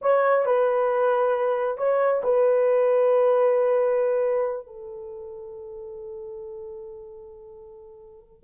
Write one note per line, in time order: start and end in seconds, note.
0.01 0.45 C#5
0.45 1.77 B4
1.77 2.21 C#5
2.23 4.66 B4
4.66 8.43 A4